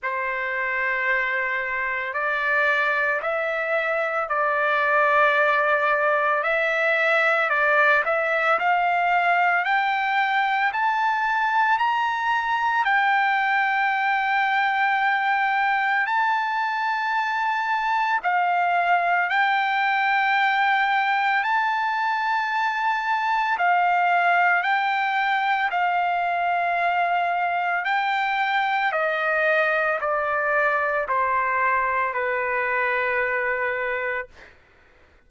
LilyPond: \new Staff \with { instrumentName = "trumpet" } { \time 4/4 \tempo 4 = 56 c''2 d''4 e''4 | d''2 e''4 d''8 e''8 | f''4 g''4 a''4 ais''4 | g''2. a''4~ |
a''4 f''4 g''2 | a''2 f''4 g''4 | f''2 g''4 dis''4 | d''4 c''4 b'2 | }